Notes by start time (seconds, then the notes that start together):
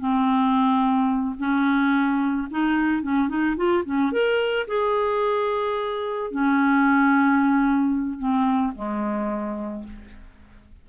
0.00 C4
1.39 C#4
2.51 D#4
3.03 C#4
3.29 D#4
3.57 F4
3.85 C#4
4.13 A#4
4.68 G#4
6.31 C#4
8.19 C4
8.75 G#3